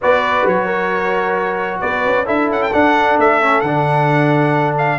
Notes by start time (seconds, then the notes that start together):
0.01 B3 F#4 B4 D5
0.45 F#3 C#5
0.66 A#4
1.80 B3 B4 D5
2.05 C#4
2.25 D4 E4 A4 E5
2.49 C#4 F#5
2.62 G5
2.73 D4 F#5
3.17 A3 E5
3.41 C#4
3.60 D3 D4 F#5
4.78 F5